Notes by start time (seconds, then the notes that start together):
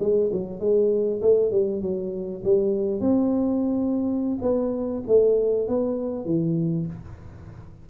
0.00 G#3
0.32 F#3
0.60 G#3
1.22 A3
1.52 G3
1.82 F#3
2.44 G3
3.01 C4
4.42 B3
5.08 A3
5.68 B3
6.26 E3